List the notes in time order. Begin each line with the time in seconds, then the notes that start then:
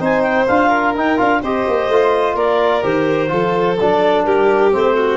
0.00 C4 D#4 C5 G#5
0.22 G5
0.47 D4 F4 F5
0.69 A#4
0.95 D#4 G5
1.17 D4 F4 F5
1.42 C4 G4 C5 D#5
1.68 A#3
1.88 A3 F4
2.35 A#3 A#4 D5
2.83 D#3 G4 C5
3.29 F3 F4 A4
3.80 F#3 D4 D5
4.24 G3 G4 A#4
4.72 A3 C4 C5
4.96 F#4